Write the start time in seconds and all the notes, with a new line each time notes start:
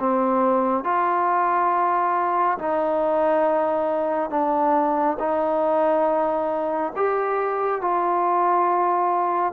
0.00 C4
0.84 F4
2.58 D#4
4.30 D4
5.19 D#4
6.96 G4
7.81 F4